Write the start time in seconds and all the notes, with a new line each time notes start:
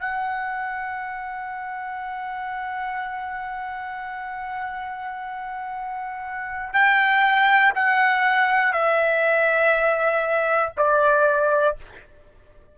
0.00 F#5
6.74 G5
7.75 F#5
8.73 E5
10.77 D5